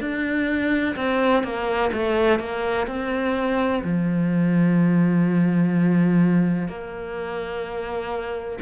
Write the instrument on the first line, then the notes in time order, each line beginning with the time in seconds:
cello
0.00 D4
0.96 C4
1.44 A#3
1.93 A3
2.39 A#3
2.87 C4
3.84 F3
6.68 A#3